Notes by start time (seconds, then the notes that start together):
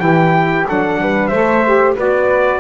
0.00 E3 E4 G4 G5
0.67 F#3 D4 A4 F#5
1.01 G3 B4
1.28 A3 A4 C5 E5
1.65 G4
1.95 B3 F#4 B4 D5